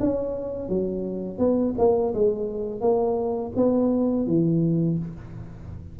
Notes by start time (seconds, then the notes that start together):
0.00 C#4
0.69 F#3
1.39 B3
1.78 A#3
2.14 G#3
2.81 A#3
3.56 B3
4.27 E3